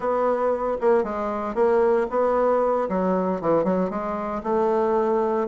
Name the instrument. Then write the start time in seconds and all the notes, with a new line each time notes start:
bassoon
0.00 B3
0.80 A#3
1.03 G#3
1.54 A#3
2.10 B3
2.89 F#3
3.41 E3
3.64 F#3
3.90 G#3
4.43 A3